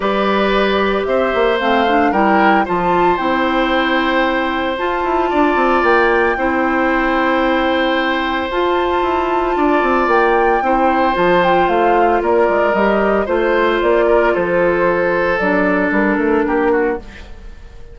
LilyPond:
<<
  \new Staff \with { instrumentName = "flute" } { \time 4/4 \tempo 4 = 113 d''2 e''4 f''4 | g''4 a''4 g''2~ | g''4 a''2 g''4~ | g''1 |
a''2. g''4~ | g''4 a''8 g''8 f''4 d''4 | dis''4 c''4 d''4 c''4~ | c''4 d''4 ais'2 | }
  \new Staff \with { instrumentName = "oboe" } { \time 4/4 b'2 c''2 | ais'4 c''2.~ | c''2 d''2 | c''1~ |
c''2 d''2 | c''2. ais'4~ | ais'4 c''4. ais'8 a'4~ | a'2. g'8 fis'8 | }
  \new Staff \with { instrumentName = "clarinet" } { \time 4/4 g'2. c'8 d'8 | e'4 f'4 e'2~ | e'4 f'2. | e'1 |
f'1 | e'4 f'2. | g'4 f'2.~ | f'4 d'2. | }
  \new Staff \with { instrumentName = "bassoon" } { \time 4/4 g2 c'8 ais8 a4 | g4 f4 c'2~ | c'4 f'8 e'8 d'8 c'8 ais4 | c'1 |
f'4 e'4 d'8 c'8 ais4 | c'4 f4 a4 ais8 gis8 | g4 a4 ais4 f4~ | f4 fis4 g8 a8 ais4 | }
>>